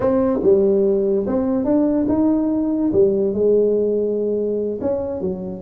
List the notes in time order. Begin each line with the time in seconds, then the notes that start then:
0.00 C4
0.42 G3
1.27 C4
1.64 D4
2.08 D#4
2.92 G3
3.33 G#3
4.81 C#4
5.21 F#3